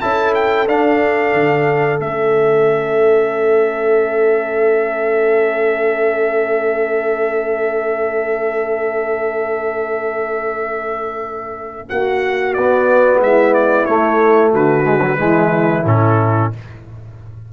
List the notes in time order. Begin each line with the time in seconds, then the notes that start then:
0.00 C#4 E4 A4 A5
0.34 G5
0.67 D4 F5
1.33 D3
1.98 A3 C#4 E5
11.89 A#3 F#4 F#5
12.53 B3 D5
13.20 G#3 E4 E5
13.54 D5
13.85 A3 C#5
14.53 D3 F#4 B4
14.83 G#3
15.02 F#3
15.17 E3 G#3 E4
15.85 A2 C#4 A4